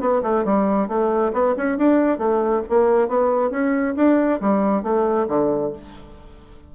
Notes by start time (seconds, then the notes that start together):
0.00 B3
0.22 A3
0.45 G3
0.88 A3
1.33 B3
1.57 C#4
1.77 D4
2.18 A3
2.69 A#3
3.08 B3
3.50 C#4
3.96 D4
4.40 G3
4.83 A3
5.28 D3